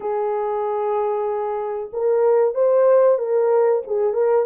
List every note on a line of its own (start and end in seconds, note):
0.00 1.90 G#4
1.93 2.54 A#4
2.54 3.18 C5
3.18 3.82 A#4
3.86 4.13 G#4
4.13 4.45 A#4